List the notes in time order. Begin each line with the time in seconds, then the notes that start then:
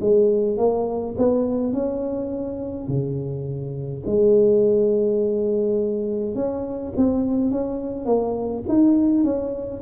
0.00 G#3
0.57 A#3
1.17 B3
1.73 C#4
2.87 C#3
4.06 G#3
6.35 C#4
6.96 C4
7.51 C#4
8.06 A#3
8.68 D#4
9.24 C#4